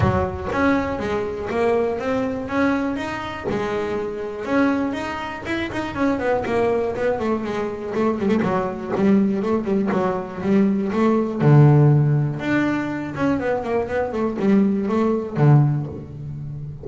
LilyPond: \new Staff \with { instrumentName = "double bass" } { \time 4/4 \tempo 4 = 121 fis4 cis'4 gis4 ais4 | c'4 cis'4 dis'4 gis4~ | gis4 cis'4 dis'4 e'8 dis'8 | cis'8 b8 ais4 b8 a8 gis4 |
a8 g16 a16 fis4 g4 a8 g8 | fis4 g4 a4 d4~ | d4 d'4. cis'8 b8 ais8 | b8 a8 g4 a4 d4 | }